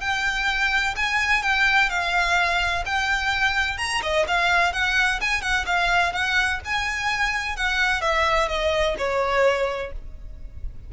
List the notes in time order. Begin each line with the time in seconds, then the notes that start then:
0.00 G5
0.96 G#5
1.42 G5
1.89 F5
2.85 G5
3.77 A#5
4.02 D#5
4.27 F5
4.72 F#5
5.21 G#5
5.41 F#5
5.66 F5
6.12 F#5
6.65 G#5
7.56 F#5
8.01 E5
8.48 D#5
8.97 C#5